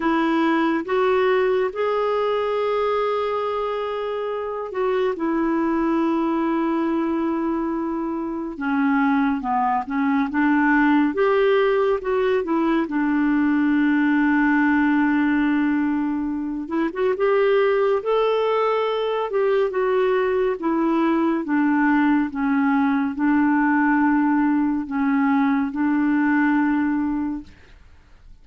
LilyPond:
\new Staff \with { instrumentName = "clarinet" } { \time 4/4 \tempo 4 = 70 e'4 fis'4 gis'2~ | gis'4. fis'8 e'2~ | e'2 cis'4 b8 cis'8 | d'4 g'4 fis'8 e'8 d'4~ |
d'2.~ d'8 e'16 fis'16 | g'4 a'4. g'8 fis'4 | e'4 d'4 cis'4 d'4~ | d'4 cis'4 d'2 | }